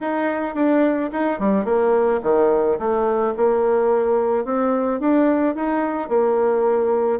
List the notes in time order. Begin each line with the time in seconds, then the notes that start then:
0.01 D#4
0.54 D4
1.12 D#4
1.39 G3
1.64 A#3
2.22 D#3
2.78 A3
3.37 A#3
4.44 C4
5.00 D4
5.55 D#4
6.08 A#3